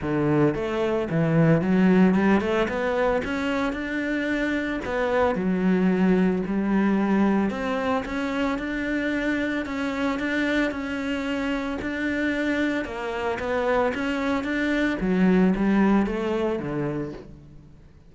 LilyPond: \new Staff \with { instrumentName = "cello" } { \time 4/4 \tempo 4 = 112 d4 a4 e4 fis4 | g8 a8 b4 cis'4 d'4~ | d'4 b4 fis2 | g2 c'4 cis'4 |
d'2 cis'4 d'4 | cis'2 d'2 | ais4 b4 cis'4 d'4 | fis4 g4 a4 d4 | }